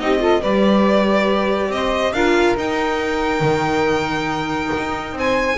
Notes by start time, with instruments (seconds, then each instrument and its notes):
0.00 double bass C4, viola D#4, saxophone G4, violin D#5
0.19 viola F4, saxophone A4
0.41 double bass G3, viola G4, saxophone B4, violin D5
1.69 double bass C4, violin D#5
1.75 saxophone C5
2.13 double bass D4, viola F4, saxophone A#4, violin F5
2.57 double bass D#4, viola D#4, violin G5
3.41 double bass D#3
4.77 double bass D#4
5.13 double bass C4, saxophone C5
5.19 violin G#5